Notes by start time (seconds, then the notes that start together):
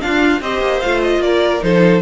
0.00 D4 F4 F5
0.41 C4 G4 C5 D#5
0.60 A#3
0.80 A3 F4 F5
1.02 D#5
1.18 A#3 D5
1.25 A#4
1.61 F3 D#4 A4 C5